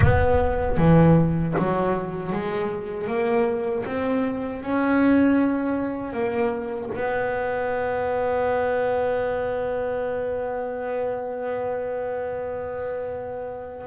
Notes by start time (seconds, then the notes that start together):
0.00 B3
0.77 E3
1.58 F#3
2.32 G#3
3.07 A#3
3.85 C4
4.62 C#4
6.12 A#3
6.94 B3